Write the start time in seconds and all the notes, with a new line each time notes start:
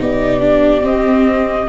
0.00 B3 D#4 G4 D5
0.40 D4
0.81 C4 D#5